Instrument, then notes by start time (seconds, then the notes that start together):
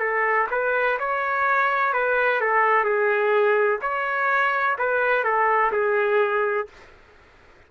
trumpet
0.00 A4
0.52 B4
1.00 C#5
1.94 B4
2.41 A4
2.85 G#4
3.82 C#5
4.79 B4
5.24 A4
5.73 G#4